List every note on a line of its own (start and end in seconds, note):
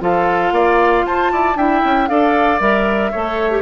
0.00 0.52 F3
0.00 1.55 F4
0.00 0.54 A4
0.00 1.06 F5
0.52 1.03 A#3
0.52 1.05 D5
1.06 1.32 F4
1.06 1.32 C5
1.06 1.58 A5
1.32 1.55 E4
1.32 1.57 D5
1.55 1.81 D4
1.55 2.09 E4
1.55 2.09 E5
1.55 2.08 G5
1.84 2.09 C#4
2.08 2.60 D4
2.08 2.60 A4
2.08 3.11 D5
2.08 2.60 F5
2.60 3.12 G3
2.60 3.11 A#4
2.60 3.62 E5
3.11 3.62 A3
3.11 3.51 A4
3.11 3.62 C#5
3.51 3.62 G4